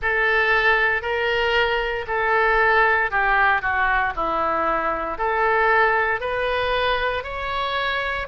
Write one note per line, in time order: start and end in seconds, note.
0.01 1.02 A4
1.02 2.05 A#4
2.07 3.10 A4
3.10 3.61 G4
3.61 4.13 F#4
4.15 5.17 E4
5.17 6.20 A4
6.20 7.23 B4
7.23 8.27 C#5